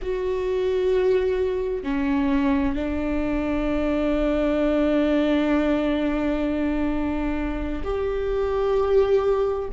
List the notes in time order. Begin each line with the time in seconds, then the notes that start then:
0.02 F#4
1.83 C#4
2.75 D4
7.84 G4